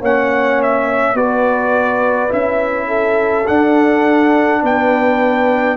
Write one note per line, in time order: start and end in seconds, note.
0.00 1.13 A#3
0.00 1.15 C#4
0.00 1.15 C#5
0.00 0.62 F#5
0.62 1.17 E5
1.13 2.29 B3
1.13 2.29 F#4
1.13 2.87 B4
1.13 2.32 D5
2.29 3.48 C#4
2.29 3.44 E4
2.29 3.47 E5
2.87 4.60 A4
3.47 5.77 D4
3.47 4.62 D4
3.47 4.62 F#5
4.62 5.77 B3
4.62 5.77 B4
4.62 5.77 G5